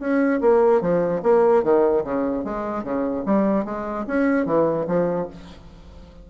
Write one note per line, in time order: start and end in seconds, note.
0.00 0.41 C#4
0.41 0.81 A#3
0.81 1.22 F3
1.23 1.63 A#3
1.63 2.04 D#3
2.04 2.45 C#3
2.45 2.84 G#3
2.84 3.24 C#3
3.26 3.65 G3
3.65 4.06 G#3
4.07 4.46 C#4
4.46 4.86 E3
4.87 5.28 F3